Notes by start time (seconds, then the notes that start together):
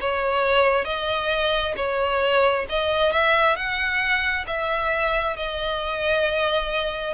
0.00 C#5
0.85 D#5
1.76 C#5
2.69 D#5
3.12 E5
3.56 F#5
4.47 E5
5.36 D#5